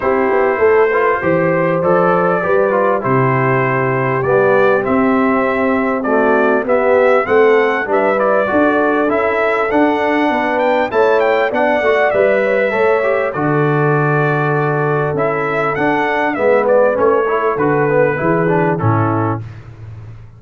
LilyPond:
<<
  \new Staff \with { instrumentName = "trumpet" } { \time 4/4 \tempo 4 = 99 c''2. d''4~ | d''4 c''2 d''4 | e''2 d''4 e''4 | fis''4 e''8 d''4. e''4 |
fis''4. g''8 a''8 g''8 fis''4 | e''2 d''2~ | d''4 e''4 fis''4 e''8 d''8 | cis''4 b'2 a'4 | }
  \new Staff \with { instrumentName = "horn" } { \time 4/4 g'4 a'8 b'8 c''2 | b'4 g'2.~ | g'2 fis'4 g'4 | a'4 b'4 a'2~ |
a'4 b'4 cis''4 d''4~ | d''8 cis''16 b'16 cis''4 a'2~ | a'2. b'4~ | b'8 a'4. gis'4 e'4 | }
  \new Staff \with { instrumentName = "trombone" } { \time 4/4 e'4. f'8 g'4 a'4 | g'8 f'8 e'2 b4 | c'2 a4 b4 | c'4 d'8 e'8 fis'4 e'4 |
d'2 e'4 d'8 fis'8 | b'4 a'8 g'8 fis'2~ | fis'4 e'4 d'4 b4 | cis'8 e'8 fis'8 b8 e'8 d'8 cis'4 | }
  \new Staff \with { instrumentName = "tuba" } { \time 4/4 c'8 b8 a4 e4 f4 | g4 c2 g4 | c'2. b4 | a4 g4 d'4 cis'4 |
d'4 b4 a4 b8 a8 | g4 a4 d2~ | d4 cis'4 d'4 gis4 | a4 d4 e4 a,4 | }
>>